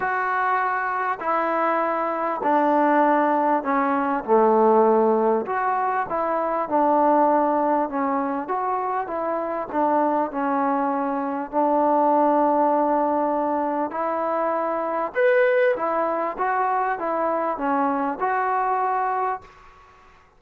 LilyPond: \new Staff \with { instrumentName = "trombone" } { \time 4/4 \tempo 4 = 99 fis'2 e'2 | d'2 cis'4 a4~ | a4 fis'4 e'4 d'4~ | d'4 cis'4 fis'4 e'4 |
d'4 cis'2 d'4~ | d'2. e'4~ | e'4 b'4 e'4 fis'4 | e'4 cis'4 fis'2 | }